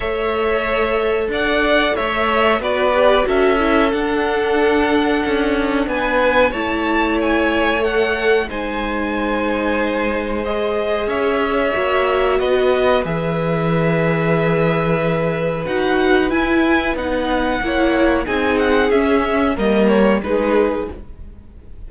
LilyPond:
<<
  \new Staff \with { instrumentName = "violin" } { \time 4/4 \tempo 4 = 92 e''2 fis''4 e''4 | d''4 e''4 fis''2~ | fis''4 gis''4 a''4 gis''4 | fis''4 gis''2. |
dis''4 e''2 dis''4 | e''1 | fis''4 gis''4 fis''2 | gis''8 fis''8 e''4 dis''8 cis''8 b'4 | }
  \new Staff \with { instrumentName = "violin" } { \time 4/4 cis''2 d''4 cis''4 | b'4 a'2.~ | a'4 b'4 cis''2~ | cis''4 c''2.~ |
c''4 cis''2 b'4~ | b'1~ | b'2. cis''4 | gis'2 ais'4 gis'4 | }
  \new Staff \with { instrumentName = "viola" } { \time 4/4 a'1 | fis'8 g'8 fis'8 e'8 d'2~ | d'2 e'2 | a'4 dis'2. |
gis'2 fis'2 | gis'1 | fis'4 e'4 dis'4 e'4 | dis'4 cis'4 ais4 dis'4 | }
  \new Staff \with { instrumentName = "cello" } { \time 4/4 a2 d'4 a4 | b4 cis'4 d'2 | cis'4 b4 a2~ | a4 gis2.~ |
gis4 cis'4 ais4 b4 | e1 | dis'4 e'4 b4 ais4 | c'4 cis'4 g4 gis4 | }
>>